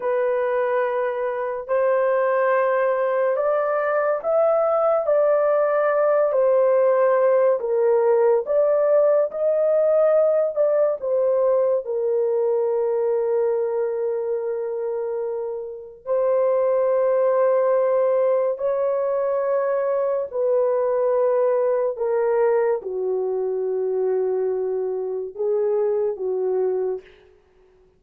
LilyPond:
\new Staff \with { instrumentName = "horn" } { \time 4/4 \tempo 4 = 71 b'2 c''2 | d''4 e''4 d''4. c''8~ | c''4 ais'4 d''4 dis''4~ | dis''8 d''8 c''4 ais'2~ |
ais'2. c''4~ | c''2 cis''2 | b'2 ais'4 fis'4~ | fis'2 gis'4 fis'4 | }